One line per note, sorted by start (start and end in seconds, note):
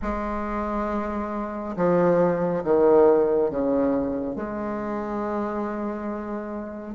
0.02 1.75 G#3
1.76 2.63 F3
2.64 3.50 D#3
3.50 4.35 C#3
4.35 6.95 G#3